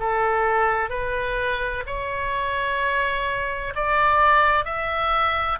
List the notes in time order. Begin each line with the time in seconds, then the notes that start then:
0.00 A4
0.90 B4
1.86 C#5
3.75 D5
4.65 E5